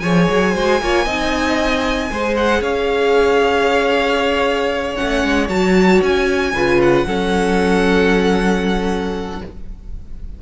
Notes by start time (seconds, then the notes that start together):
0.00 F3 G#4 C#5 G#5
0.29 F#3
0.55 G#3 F#4 C5
0.81 A#3 F4 C#5
1.05 C4 D#4 D#5
2.11 G#3 G#4 C5
2.37 F#5
2.61 C#4 C#5 F5
4.96 A3 C#4 F#5
5.25 G#3
5.49 F#3 F#4 A5
6.02 C#4 G#5
6.53 C#3 F4 B4
6.82 F#5
7.07 F#3 C#4 A4